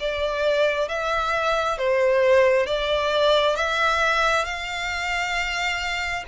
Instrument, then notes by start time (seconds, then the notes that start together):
violin
0.00 D5
0.88 E5
1.78 C5
2.67 D5
3.57 E5
4.45 F5